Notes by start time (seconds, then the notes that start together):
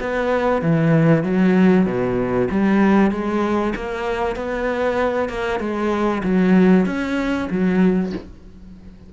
0.00 B3
0.62 E3
1.23 F#3
1.85 B2
2.50 G3
3.11 G#3
3.75 A#3
4.35 B3
5.29 A#3
5.59 G#3
6.23 F#3
6.85 C#4
7.50 F#3